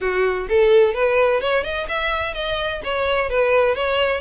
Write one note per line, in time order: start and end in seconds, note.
0.00 0.47 F#4
0.48 0.94 A4
0.94 1.41 B4
1.41 1.63 C#5
1.63 1.87 D#5
1.88 2.34 E5
2.34 2.81 D#5
2.84 3.29 C#5
3.29 3.75 B4
3.75 4.20 C#5